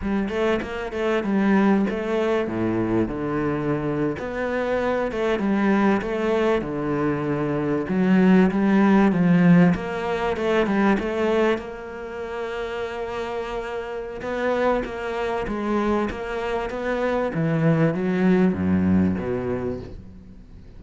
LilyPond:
\new Staff \with { instrumentName = "cello" } { \time 4/4 \tempo 4 = 97 g8 a8 ais8 a8 g4 a4 | a,4 d4.~ d16 b4~ b16~ | b16 a8 g4 a4 d4~ d16~ | d8. fis4 g4 f4 ais16~ |
ais8. a8 g8 a4 ais4~ ais16~ | ais2. b4 | ais4 gis4 ais4 b4 | e4 fis4 fis,4 b,4 | }